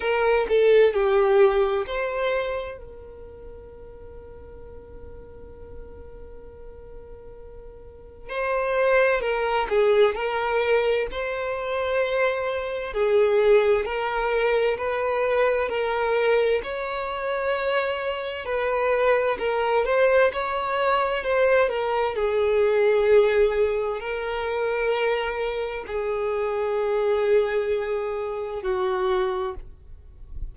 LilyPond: \new Staff \with { instrumentName = "violin" } { \time 4/4 \tempo 4 = 65 ais'8 a'8 g'4 c''4 ais'4~ | ais'1~ | ais'4 c''4 ais'8 gis'8 ais'4 | c''2 gis'4 ais'4 |
b'4 ais'4 cis''2 | b'4 ais'8 c''8 cis''4 c''8 ais'8 | gis'2 ais'2 | gis'2. fis'4 | }